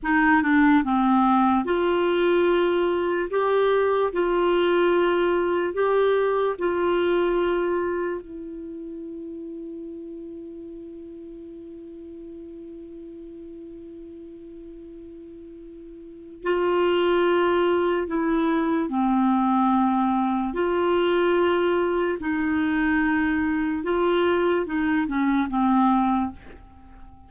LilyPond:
\new Staff \with { instrumentName = "clarinet" } { \time 4/4 \tempo 4 = 73 dis'8 d'8 c'4 f'2 | g'4 f'2 g'4 | f'2 e'2~ | e'1~ |
e'1 | f'2 e'4 c'4~ | c'4 f'2 dis'4~ | dis'4 f'4 dis'8 cis'8 c'4 | }